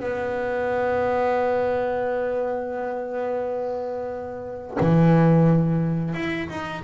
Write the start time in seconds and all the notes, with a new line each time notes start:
0.00 B3
4.80 E3
6.15 E4
6.49 D#4